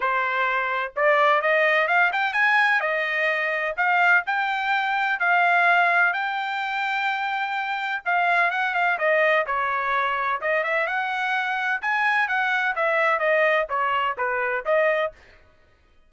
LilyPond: \new Staff \with { instrumentName = "trumpet" } { \time 4/4 \tempo 4 = 127 c''2 d''4 dis''4 | f''8 g''8 gis''4 dis''2 | f''4 g''2 f''4~ | f''4 g''2.~ |
g''4 f''4 fis''8 f''8 dis''4 | cis''2 dis''8 e''8 fis''4~ | fis''4 gis''4 fis''4 e''4 | dis''4 cis''4 b'4 dis''4 | }